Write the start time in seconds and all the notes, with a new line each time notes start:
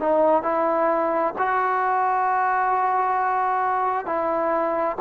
0.00 D#4
0.43 E4
1.39 F#4
4.06 E4